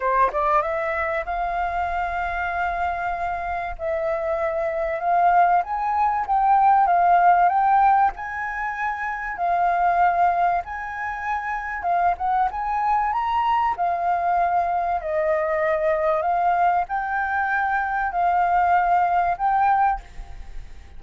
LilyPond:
\new Staff \with { instrumentName = "flute" } { \time 4/4 \tempo 4 = 96 c''8 d''8 e''4 f''2~ | f''2 e''2 | f''4 gis''4 g''4 f''4 | g''4 gis''2 f''4~ |
f''4 gis''2 f''8 fis''8 | gis''4 ais''4 f''2 | dis''2 f''4 g''4~ | g''4 f''2 g''4 | }